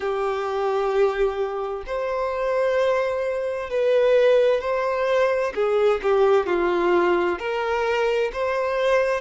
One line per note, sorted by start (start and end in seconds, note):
0.00 1.83 G4
1.86 3.69 C5
3.69 4.60 B4
4.60 5.53 C5
5.54 6.00 G#4
6.02 6.46 G4
6.46 7.38 F4
7.38 8.31 A#4
8.32 9.21 C5